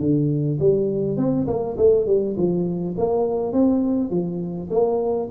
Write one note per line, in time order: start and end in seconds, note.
0.00 0.59 D3
0.60 1.18 G3
1.18 1.47 C4
1.48 1.77 A#3
1.78 2.07 A3
2.07 2.36 G3
2.37 2.96 F3
2.98 3.53 A#3
3.53 4.11 C4
4.11 4.70 F3
4.71 5.29 A#3